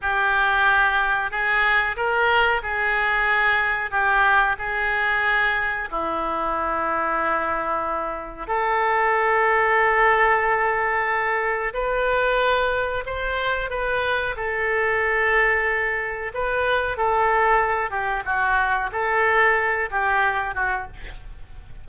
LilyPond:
\new Staff \with { instrumentName = "oboe" } { \time 4/4 \tempo 4 = 92 g'2 gis'4 ais'4 | gis'2 g'4 gis'4~ | gis'4 e'2.~ | e'4 a'2.~ |
a'2 b'2 | c''4 b'4 a'2~ | a'4 b'4 a'4. g'8 | fis'4 a'4. g'4 fis'8 | }